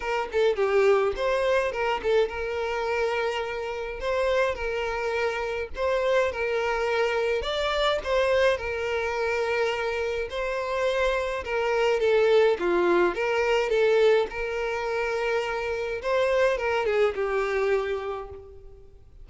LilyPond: \new Staff \with { instrumentName = "violin" } { \time 4/4 \tempo 4 = 105 ais'8 a'8 g'4 c''4 ais'8 a'8 | ais'2. c''4 | ais'2 c''4 ais'4~ | ais'4 d''4 c''4 ais'4~ |
ais'2 c''2 | ais'4 a'4 f'4 ais'4 | a'4 ais'2. | c''4 ais'8 gis'8 g'2 | }